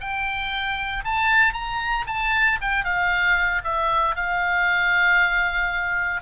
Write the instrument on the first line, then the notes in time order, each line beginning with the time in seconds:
oboe
0.00 G5
1.04 A5
1.53 A#5
2.06 A5
2.61 G5
2.84 F5
3.64 E5
4.15 F5